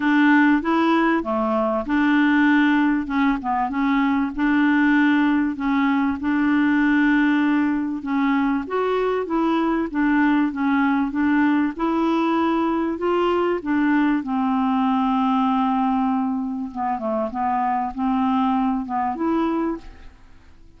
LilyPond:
\new Staff \with { instrumentName = "clarinet" } { \time 4/4 \tempo 4 = 97 d'4 e'4 a4 d'4~ | d'4 cis'8 b8 cis'4 d'4~ | d'4 cis'4 d'2~ | d'4 cis'4 fis'4 e'4 |
d'4 cis'4 d'4 e'4~ | e'4 f'4 d'4 c'4~ | c'2. b8 a8 | b4 c'4. b8 e'4 | }